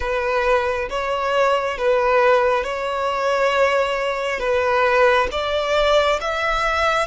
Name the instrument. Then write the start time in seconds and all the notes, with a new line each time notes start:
violin
0.00 B4
0.89 C#5
1.78 B4
2.64 C#5
4.39 B4
5.31 D5
6.20 E5